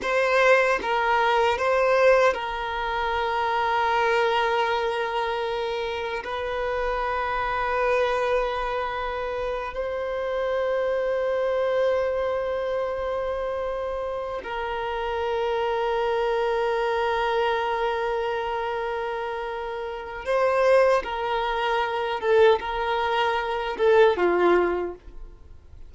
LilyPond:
\new Staff \with { instrumentName = "violin" } { \time 4/4 \tempo 4 = 77 c''4 ais'4 c''4 ais'4~ | ais'1 | b'1~ | b'8 c''2.~ c''8~ |
c''2~ c''8 ais'4.~ | ais'1~ | ais'2 c''4 ais'4~ | ais'8 a'8 ais'4. a'8 f'4 | }